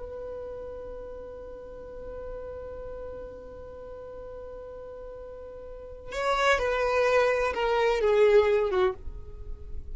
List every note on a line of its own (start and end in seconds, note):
0.00 6.13 B4
6.13 6.59 C#5
6.59 7.54 B4
7.54 8.01 A#4
8.01 8.71 G#4
8.71 8.95 F#4